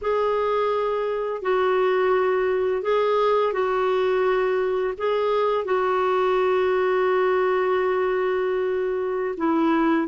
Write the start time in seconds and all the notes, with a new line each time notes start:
0.01 G#4
1.41 F#4
2.82 G#4
3.53 F#4
4.97 G#4
5.64 F#4
9.37 E4